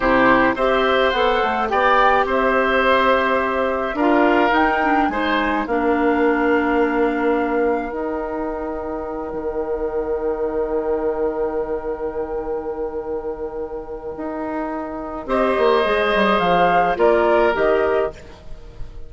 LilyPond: <<
  \new Staff \with { instrumentName = "flute" } { \time 4/4 \tempo 4 = 106 c''4 e''4 fis''4 g''4 | e''2. f''4 | g''4 gis''4 f''2~ | f''2 g''2~ |
g''1~ | g''1~ | g''2. dis''4~ | dis''4 f''4 d''4 dis''4 | }
  \new Staff \with { instrumentName = "oboe" } { \time 4/4 g'4 c''2 d''4 | c''2. ais'4~ | ais'4 c''4 ais'2~ | ais'1~ |
ais'1~ | ais'1~ | ais'2. c''4~ | c''2 ais'2 | }
  \new Staff \with { instrumentName = "clarinet" } { \time 4/4 e'4 g'4 a'4 g'4~ | g'2. f'4 | dis'8 d'8 dis'4 d'2~ | d'2 dis'2~ |
dis'1~ | dis'1~ | dis'2. g'4 | gis'2 f'4 g'4 | }
  \new Staff \with { instrumentName = "bassoon" } { \time 4/4 c4 c'4 b8 a8 b4 | c'2. d'4 | dis'4 gis4 ais2~ | ais2 dis'2~ |
dis'8 dis2.~ dis8~ | dis1~ | dis4 dis'2 c'8 ais8 | gis8 g8 f4 ais4 dis4 | }
>>